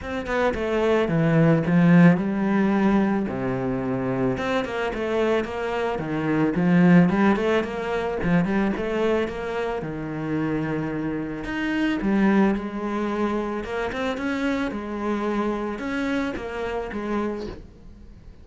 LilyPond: \new Staff \with { instrumentName = "cello" } { \time 4/4 \tempo 4 = 110 c'8 b8 a4 e4 f4 | g2 c2 | c'8 ais8 a4 ais4 dis4 | f4 g8 a8 ais4 f8 g8 |
a4 ais4 dis2~ | dis4 dis'4 g4 gis4~ | gis4 ais8 c'8 cis'4 gis4~ | gis4 cis'4 ais4 gis4 | }